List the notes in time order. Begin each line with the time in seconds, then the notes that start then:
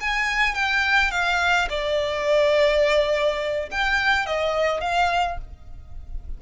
0.00 G#5
0.55 G5
1.11 F5
1.69 D5
3.71 G5
4.26 D#5
4.80 F5